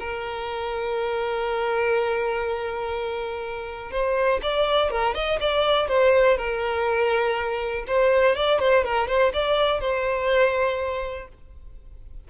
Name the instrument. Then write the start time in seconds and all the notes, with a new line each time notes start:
violin
0.00 A#4
3.92 C5
4.43 D5
4.91 A#4
5.15 D#5
5.41 D5
5.88 C5
6.38 A#4
7.88 C5
8.36 D5
8.60 C5
8.84 A#4
9.08 C5
9.34 D5
9.81 C5